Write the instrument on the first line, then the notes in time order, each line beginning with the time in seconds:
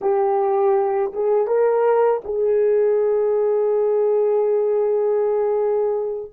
horn
0.01 G4
1.12 G#4
1.47 A#4
2.24 G#4